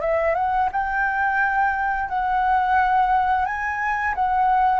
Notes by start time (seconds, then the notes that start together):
0.00 E5
0.34 F#5
0.71 G5
2.08 F#5
3.45 G#5
4.14 F#5